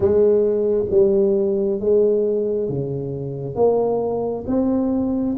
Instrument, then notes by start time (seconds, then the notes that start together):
tuba
0.00 G#3
0.90 G3
1.80 G#3
2.68 C#3
3.55 A#3
4.47 C4